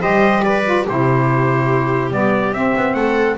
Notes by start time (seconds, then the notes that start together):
0.00 G3 G4 C5 D#5
0.43 B4 D5
0.65 F4
0.84 C3 E4 G4 C5
2.10 G3 B3 D5
2.52 C4 E5
2.76 B3
2.94 A3 A4 F#5